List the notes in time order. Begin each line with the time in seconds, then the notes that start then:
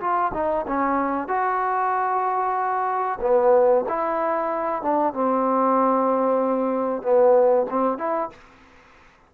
0.00 F4
0.34 D#4
0.67 C#4
1.28 F#4
3.21 B3
3.88 E4
4.82 D4
5.13 C4
7.02 B3
7.70 C4
7.98 E4